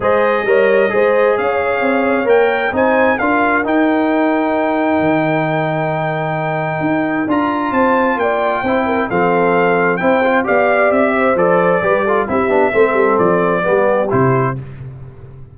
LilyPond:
<<
  \new Staff \with { instrumentName = "trumpet" } { \time 4/4 \tempo 4 = 132 dis''2. f''4~ | f''4 g''4 gis''4 f''4 | g''1~ | g''1 |
ais''4 a''4 g''2 | f''2 g''4 f''4 | e''4 d''2 e''4~ | e''4 d''2 c''4 | }
  \new Staff \with { instrumentName = "horn" } { \time 4/4 c''4 cis''4 c''4 cis''4~ | cis''2 c''4 ais'4~ | ais'1~ | ais'1~ |
ais'4 c''4 d''4 c''8 ais'8 | a'2 c''4 d''4~ | d''8 c''4. b'8 a'8 g'4 | a'2 g'2 | }
  \new Staff \with { instrumentName = "trombone" } { \time 4/4 gis'4 ais'4 gis'2~ | gis'4 ais'4 dis'4 f'4 | dis'1~ | dis'1 |
f'2. e'4 | c'2 e'8 f'8 g'4~ | g'4 a'4 g'8 f'8 e'8 d'8 | c'2 b4 e'4 | }
  \new Staff \with { instrumentName = "tuba" } { \time 4/4 gis4 g4 gis4 cis'4 | c'4 ais4 c'4 d'4 | dis'2. dis4~ | dis2. dis'4 |
d'4 c'4 ais4 c'4 | f2 c'4 b4 | c'4 f4 g4 c'8 b8 | a8 g8 f4 g4 c4 | }
>>